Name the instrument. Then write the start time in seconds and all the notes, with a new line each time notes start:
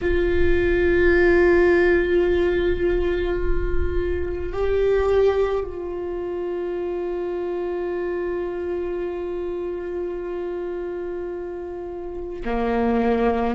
viola
0.01 F4
4.52 G4
5.63 F4
12.44 A#3